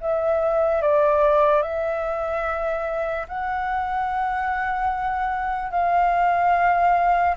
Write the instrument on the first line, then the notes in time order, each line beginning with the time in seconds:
flute
0.00 E5
0.81 D5
1.62 E5
3.28 F#5
5.70 F5